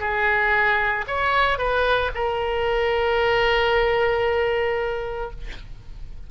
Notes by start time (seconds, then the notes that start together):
0.00 G#4
1.08 C#5
1.58 B4
2.15 A#4